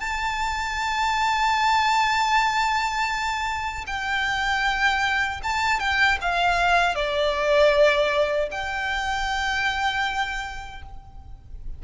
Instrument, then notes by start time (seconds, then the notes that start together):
violin
0.00 A5
3.87 G5
5.43 A5
5.79 G5
6.21 F5
6.95 D5
8.51 G5